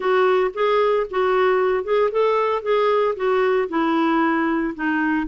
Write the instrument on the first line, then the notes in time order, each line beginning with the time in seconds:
clarinet
0.00 F#4
0.54 G#4
1.10 F#4
1.83 G#4
2.11 A4
2.62 G#4
3.16 F#4
3.68 E4
4.74 D#4